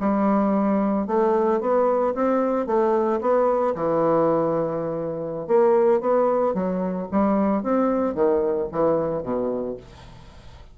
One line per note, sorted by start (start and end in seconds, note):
0.00 1.07 G3
1.07 1.60 A3
1.60 2.14 B3
2.14 2.66 C4
2.66 3.20 A3
3.21 3.75 B3
3.75 5.47 E3
5.47 6.00 A#3
6.00 6.54 B3
6.54 7.07 F#3
7.11 7.63 G3
7.63 8.15 C4
8.15 8.68 D#3
8.72 9.23 E3
9.23 9.76 B2